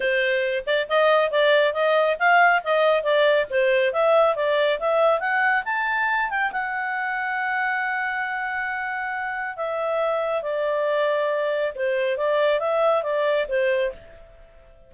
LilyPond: \new Staff \with { instrumentName = "clarinet" } { \time 4/4 \tempo 4 = 138 c''4. d''8 dis''4 d''4 | dis''4 f''4 dis''4 d''4 | c''4 e''4 d''4 e''4 | fis''4 a''4. g''8 fis''4~ |
fis''1~ | fis''2 e''2 | d''2. c''4 | d''4 e''4 d''4 c''4 | }